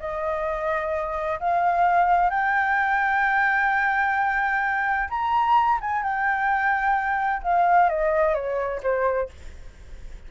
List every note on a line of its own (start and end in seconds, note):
0.00 1.40 D#5
1.40 2.30 F5
2.30 5.09 G5
5.10 5.80 A#5
5.81 6.03 G#5
6.03 7.43 G5
7.43 7.90 F5
7.90 8.35 D#5
8.35 8.81 C#5
8.83 9.30 C5